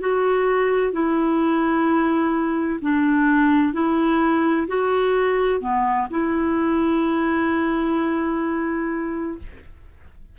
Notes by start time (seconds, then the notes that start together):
0.00 F#4
0.92 E4
2.82 D4
3.74 E4
4.68 F#4
5.61 B3
6.11 E4